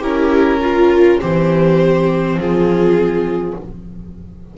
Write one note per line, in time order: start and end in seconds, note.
0.00 1.20 C#4
0.00 0.61 E4
0.00 0.59 G4
0.00 1.21 A#4
0.61 1.20 F4
0.61 1.21 F4
1.20 2.37 E3
1.20 3.55 C4
1.20 2.39 G4
1.20 2.40 C5
2.37 3.54 F3
2.37 3.58 F4
2.37 3.58 G#4